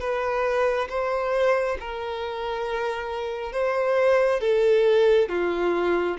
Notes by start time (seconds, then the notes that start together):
0.00 B4
0.89 C5
1.80 A#4
3.53 C5
4.41 A4
5.29 F4